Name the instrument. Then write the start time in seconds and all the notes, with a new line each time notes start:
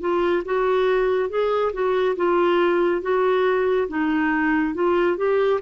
clarinet
0.00 F4
0.45 F#4
1.29 G#4
1.73 F#4
2.16 F4
3.02 F#4
3.88 D#4
4.74 F4
5.17 G4